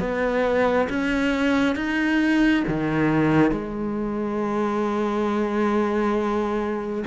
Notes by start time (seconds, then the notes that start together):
0.00 B3
0.89 C#4
1.76 D#4
2.68 D#3
3.52 G#3